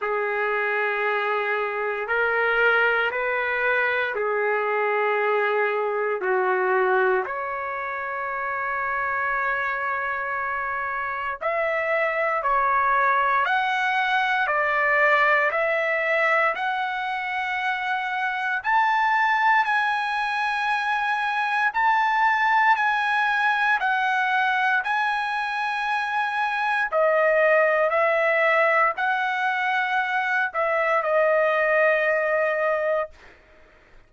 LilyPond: \new Staff \with { instrumentName = "trumpet" } { \time 4/4 \tempo 4 = 58 gis'2 ais'4 b'4 | gis'2 fis'4 cis''4~ | cis''2. e''4 | cis''4 fis''4 d''4 e''4 |
fis''2 a''4 gis''4~ | gis''4 a''4 gis''4 fis''4 | gis''2 dis''4 e''4 | fis''4. e''8 dis''2 | }